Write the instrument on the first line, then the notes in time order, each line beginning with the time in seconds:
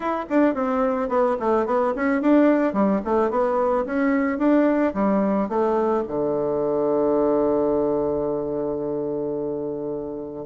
bassoon
0.00 E4
0.29 D4
0.54 C4
1.09 B3
1.39 A3
1.66 B3
1.95 C#4
2.21 D4
2.73 G3
3.05 A3
3.30 B3
3.85 C#4
4.38 D4
4.94 G3
5.48 A3
6.07 D3